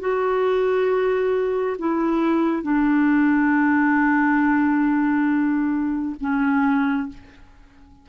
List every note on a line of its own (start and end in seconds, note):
0.00 1.76 F#4
1.78 2.63 E4
2.63 6.16 D4
6.20 7.09 C#4